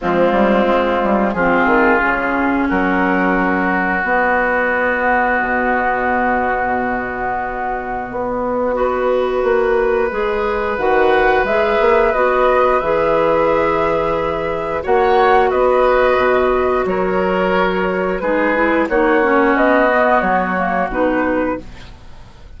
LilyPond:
<<
  \new Staff \with { instrumentName = "flute" } { \time 4/4 \tempo 4 = 89 f'2 gis'2 | ais'2 dis''2~ | dis''1~ | dis''1 |
fis''4 e''4 dis''4 e''4~ | e''2 fis''4 dis''4~ | dis''4 cis''2 b'4 | cis''4 dis''4 cis''4 b'4 | }
  \new Staff \with { instrumentName = "oboe" } { \time 4/4 c'2 f'2 | fis'1~ | fis'1~ | fis'4 b'2.~ |
b'1~ | b'2 cis''4 b'4~ | b'4 ais'2 gis'4 | fis'1 | }
  \new Staff \with { instrumentName = "clarinet" } { \time 4/4 gis2 c'4 cis'4~ | cis'2 b2~ | b1~ | b4 fis'2 gis'4 |
fis'4 gis'4 fis'4 gis'4~ | gis'2 fis'2~ | fis'2. dis'8 e'8 | dis'8 cis'4 b4 ais8 dis'4 | }
  \new Staff \with { instrumentName = "bassoon" } { \time 4/4 f8 g8 gis8 g8 f8 dis8 cis4 | fis2 b2 | b,1 | b2 ais4 gis4 |
dis4 gis8 ais8 b4 e4~ | e2 ais4 b4 | b,4 fis2 gis4 | ais4 b4 fis4 b,4 | }
>>